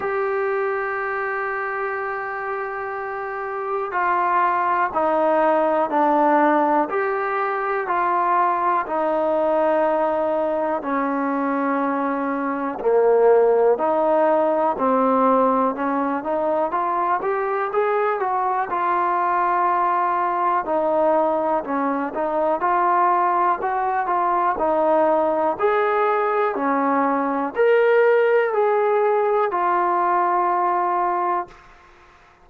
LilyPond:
\new Staff \with { instrumentName = "trombone" } { \time 4/4 \tempo 4 = 61 g'1 | f'4 dis'4 d'4 g'4 | f'4 dis'2 cis'4~ | cis'4 ais4 dis'4 c'4 |
cis'8 dis'8 f'8 g'8 gis'8 fis'8 f'4~ | f'4 dis'4 cis'8 dis'8 f'4 | fis'8 f'8 dis'4 gis'4 cis'4 | ais'4 gis'4 f'2 | }